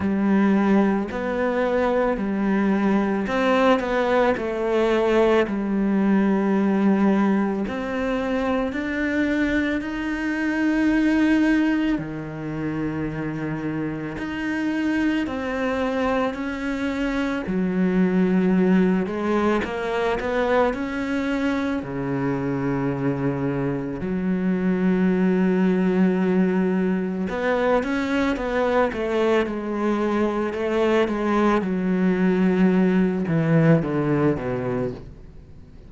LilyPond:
\new Staff \with { instrumentName = "cello" } { \time 4/4 \tempo 4 = 55 g4 b4 g4 c'8 b8 | a4 g2 c'4 | d'4 dis'2 dis4~ | dis4 dis'4 c'4 cis'4 |
fis4. gis8 ais8 b8 cis'4 | cis2 fis2~ | fis4 b8 cis'8 b8 a8 gis4 | a8 gis8 fis4. e8 d8 b,8 | }